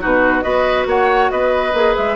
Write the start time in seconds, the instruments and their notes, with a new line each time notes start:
0.00 bassoon B2, clarinet D#4, oboe F#4, flute B4
0.41 bassoon B3, clarinet F#4, oboe B4, flute D#5
0.86 bassoon A#3, oboe C#5, flute F#5
1.30 bassoon B3, oboe B4, flute D#5
1.73 bassoon A#3, clarinet G#4
1.96 bassoon G#3, flute E5